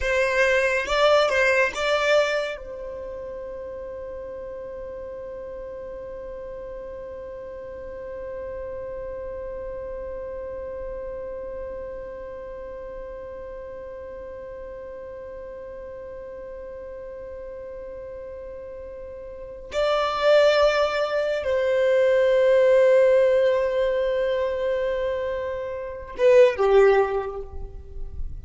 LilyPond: \new Staff \with { instrumentName = "violin" } { \time 4/4 \tempo 4 = 70 c''4 d''8 c''8 d''4 c''4~ | c''1~ | c''1~ | c''1~ |
c''1~ | c''2. d''4~ | d''4 c''2.~ | c''2~ c''8 b'8 g'4 | }